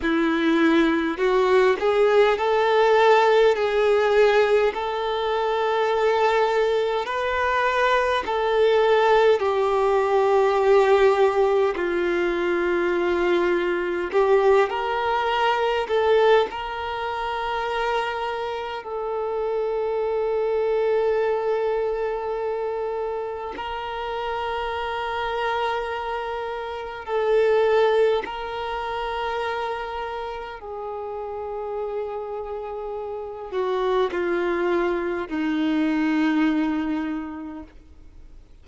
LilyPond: \new Staff \with { instrumentName = "violin" } { \time 4/4 \tempo 4 = 51 e'4 fis'8 gis'8 a'4 gis'4 | a'2 b'4 a'4 | g'2 f'2 | g'8 ais'4 a'8 ais'2 |
a'1 | ais'2. a'4 | ais'2 gis'2~ | gis'8 fis'8 f'4 dis'2 | }